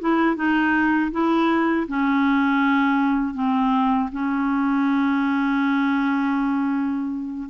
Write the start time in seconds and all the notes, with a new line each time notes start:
0.00 E4
0.36 D#4
1.11 E4
1.88 C#4
3.34 C4
4.12 C#4